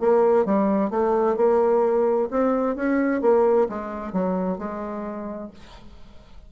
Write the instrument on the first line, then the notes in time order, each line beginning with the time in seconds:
bassoon
0.00 A#3
0.46 G3
0.90 A3
1.37 A#3
2.31 C4
2.76 C#4
3.22 A#3
3.69 G#3
4.13 F#3
4.58 G#3